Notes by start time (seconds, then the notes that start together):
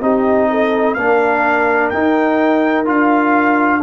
0.00 C4 D#4 G4 D#5
0.50 A4
0.94 A#3 D4 A#4 F5
1.89 D#4 G5
2.85 D4 F4 F5